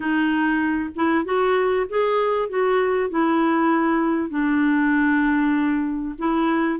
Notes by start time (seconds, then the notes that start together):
0.00 D#4
0.95 E4
1.24 F#4
1.89 G#4
2.49 F#4
3.10 E4
4.29 D4
6.18 E4